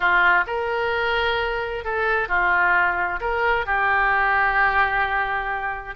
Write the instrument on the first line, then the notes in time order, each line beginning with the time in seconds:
oboe
0.00 F4
0.46 A#4
1.84 A4
2.28 F4
3.20 A#4
3.66 G4